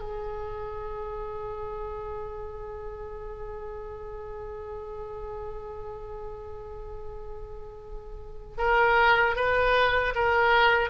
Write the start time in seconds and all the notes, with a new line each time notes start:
0.00 G#4
8.58 A#4
9.36 B4
10.15 A#4